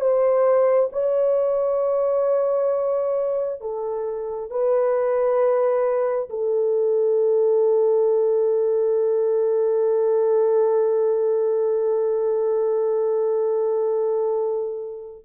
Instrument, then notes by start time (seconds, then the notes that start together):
horn
0.00 C5
0.92 C#5
3.61 A4
4.50 B4
6.29 A4